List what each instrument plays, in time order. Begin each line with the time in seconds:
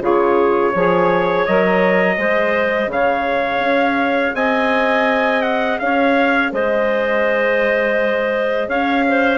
0.00 bassoon C#3, saxophone F4, clarinet G#4, trumpet C#5
0.71 bassoon F3, saxophone G#4, clarinet C#5
1.46 bassoon F#3, saxophone A#4, trumpet D#5
2.17 bassoon G#3, saxophone G#4, clarinet C5
2.87 bassoon C#3, clarinet C#5, trumpet F5
3.59 bassoon C#4
4.34 bassoon C4, clarinet D#5, trumpet G#5
5.42 trumpet F#5
5.79 bassoon C#4, clarinet C#5, trumpet F5
6.52 bassoon G#3, clarinet C5, trumpet D#5
8.68 bassoon C#4, clarinet C#5, trumpet F5
9.08 clarinet C5